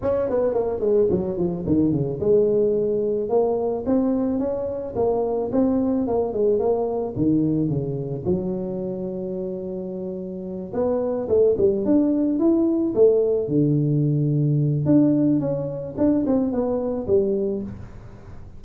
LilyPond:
\new Staff \with { instrumentName = "tuba" } { \time 4/4 \tempo 4 = 109 cis'8 b8 ais8 gis8 fis8 f8 dis8 cis8 | gis2 ais4 c'4 | cis'4 ais4 c'4 ais8 gis8 | ais4 dis4 cis4 fis4~ |
fis2.~ fis8 b8~ | b8 a8 g8 d'4 e'4 a8~ | a8 d2~ d8 d'4 | cis'4 d'8 c'8 b4 g4 | }